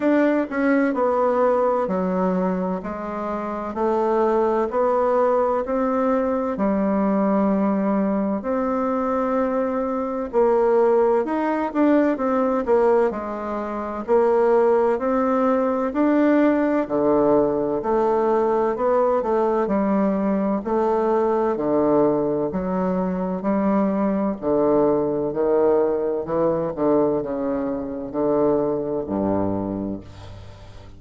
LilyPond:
\new Staff \with { instrumentName = "bassoon" } { \time 4/4 \tempo 4 = 64 d'8 cis'8 b4 fis4 gis4 | a4 b4 c'4 g4~ | g4 c'2 ais4 | dis'8 d'8 c'8 ais8 gis4 ais4 |
c'4 d'4 d4 a4 | b8 a8 g4 a4 d4 | fis4 g4 d4 dis4 | e8 d8 cis4 d4 g,4 | }